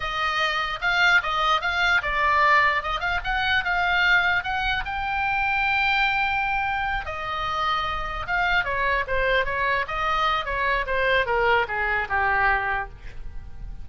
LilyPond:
\new Staff \with { instrumentName = "oboe" } { \time 4/4 \tempo 4 = 149 dis''2 f''4 dis''4 | f''4 d''2 dis''8 f''8 | fis''4 f''2 fis''4 | g''1~ |
g''4. dis''2~ dis''8~ | dis''8 f''4 cis''4 c''4 cis''8~ | cis''8 dis''4. cis''4 c''4 | ais'4 gis'4 g'2 | }